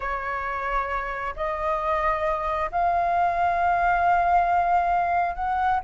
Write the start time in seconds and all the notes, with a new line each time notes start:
0.00 C#5
1.36 D#5
2.71 F5
5.35 F#5